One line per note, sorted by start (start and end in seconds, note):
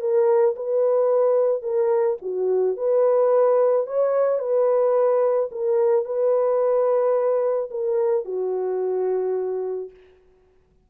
0.00 0.55 A#4
0.56 1.62 B4
1.62 2.17 A#4
2.22 2.77 F#4
2.77 3.87 B4
3.87 4.39 C#5
4.39 5.49 B4
5.51 6.05 A#4
6.05 7.70 B4
7.71 8.25 A#4
8.25 9.90 F#4